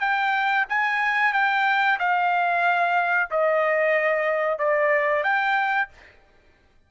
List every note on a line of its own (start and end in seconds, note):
0.00 0.65 G5
0.69 1.33 G#5
1.33 1.98 G5
1.99 3.29 F5
3.31 4.58 D#5
4.58 5.23 D5
5.23 5.88 G5